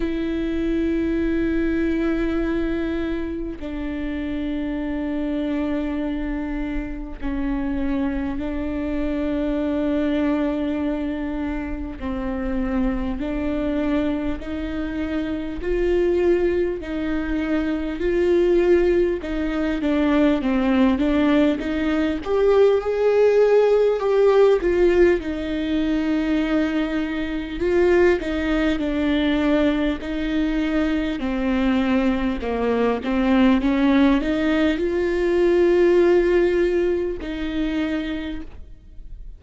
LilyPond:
\new Staff \with { instrumentName = "viola" } { \time 4/4 \tempo 4 = 50 e'2. d'4~ | d'2 cis'4 d'4~ | d'2 c'4 d'4 | dis'4 f'4 dis'4 f'4 |
dis'8 d'8 c'8 d'8 dis'8 g'8 gis'4 | g'8 f'8 dis'2 f'8 dis'8 | d'4 dis'4 c'4 ais8 c'8 | cis'8 dis'8 f'2 dis'4 | }